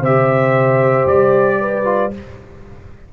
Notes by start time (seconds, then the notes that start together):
0.00 C3 G4 C5 E5
1.06 G3 D5
1.60 B4
1.84 F4